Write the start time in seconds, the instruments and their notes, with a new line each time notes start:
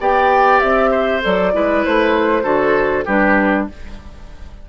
0.00 bassoon B3, clarinet G4, oboe D5, flute G5
0.60 bassoon C4, flute E5
0.91 oboe C5
1.22 bassoon F#3, clarinet A4, flute D5
1.53 bassoon G#3, clarinet E4, oboe B4
1.85 bassoon A3, flute C5
2.43 bassoon D3, clarinet F#4, oboe A4
3.06 bassoon G3, clarinet D4, oboe G4, flute B4